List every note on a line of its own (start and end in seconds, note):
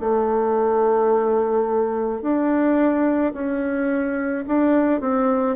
0.00 2.22 A3
2.22 3.33 D4
3.34 4.45 C#4
4.47 5.01 D4
5.01 5.57 C4